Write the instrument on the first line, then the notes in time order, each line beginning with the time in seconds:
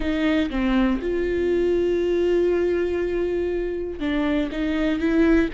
viola
0.00 D#4
0.50 C4
1.01 F4
3.99 D4
4.51 D#4
4.99 E4